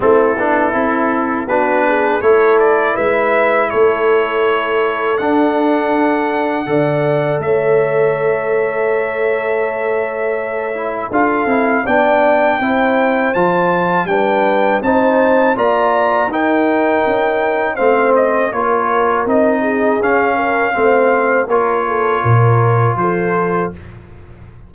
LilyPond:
<<
  \new Staff \with { instrumentName = "trumpet" } { \time 4/4 \tempo 4 = 81 a'2 b'4 cis''8 d''8 | e''4 cis''2 fis''4~ | fis''2 e''2~ | e''2. f''4 |
g''2 a''4 g''4 | a''4 ais''4 g''2 | f''8 dis''8 cis''4 dis''4 f''4~ | f''4 cis''2 c''4 | }
  \new Staff \with { instrumentName = "horn" } { \time 4/4 e'2 fis'8 gis'8 a'4 | b'4 a'2.~ | a'4 d''4 cis''2~ | cis''2. a'4 |
d''4 c''2 b'4 | c''4 d''4 ais'2 | c''4 ais'4. gis'4 ais'8 | c''4 ais'8 a'8 ais'4 a'4 | }
  \new Staff \with { instrumentName = "trombone" } { \time 4/4 c'8 d'8 e'4 d'4 e'4~ | e'2. d'4~ | d'4 a'2.~ | a'2~ a'8 e'8 f'8 e'8 |
d'4 e'4 f'4 d'4 | dis'4 f'4 dis'2 | c'4 f'4 dis'4 cis'4 | c'4 f'2. | }
  \new Staff \with { instrumentName = "tuba" } { \time 4/4 a8 b8 c'4 b4 a4 | gis4 a2 d'4~ | d'4 d4 a2~ | a2. d'8 c'8 |
b4 c'4 f4 g4 | c'4 ais4 dis'4 cis'4 | a4 ais4 c'4 cis'4 | a4 ais4 ais,4 f4 | }
>>